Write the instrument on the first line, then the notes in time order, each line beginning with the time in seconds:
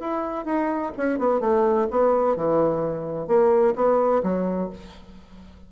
bassoon
0.00 E4
0.45 D#4
0.97 C#4
1.19 B3
1.41 A3
1.91 B3
2.37 E3
3.28 A#3
3.75 B3
4.23 F#3